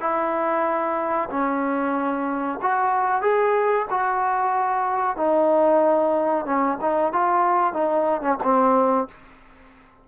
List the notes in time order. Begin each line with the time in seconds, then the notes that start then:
0.00 E4
1.30 C#4
2.62 F#4
3.21 G#4
3.90 F#4
5.16 D#4
6.45 C#4
6.81 D#4
7.12 F4
7.73 D#4
8.21 C#4
8.43 C4